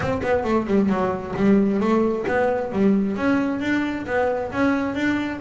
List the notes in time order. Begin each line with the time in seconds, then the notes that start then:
0.00 C4
0.22 B3
0.44 A3
0.66 G3
0.89 F#3
1.36 G3
1.80 A3
2.27 B3
2.72 G3
3.16 C#4
3.60 D4
4.06 B3
4.51 C#4
4.95 D4